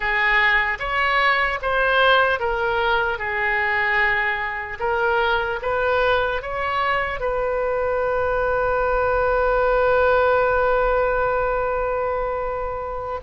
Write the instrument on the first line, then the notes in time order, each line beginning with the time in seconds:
oboe
0.00 G#4
0.79 C#5
1.62 C5
2.39 A#4
3.18 G#4
4.79 A#4
5.62 B4
6.41 C#5
7.20 B4